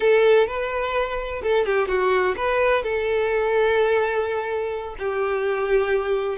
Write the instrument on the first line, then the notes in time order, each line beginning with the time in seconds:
violin
0.00 A4
0.47 B4
1.42 A4
1.65 G4
1.88 F#4
2.36 B4
2.83 A4
4.98 G4